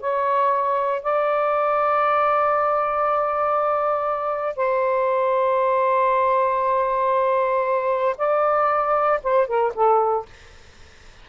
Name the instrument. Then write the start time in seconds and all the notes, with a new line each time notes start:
saxophone
0.00 C#5
1.03 D5
4.56 C5
8.17 D5
9.23 C5
9.47 A#4
9.74 A4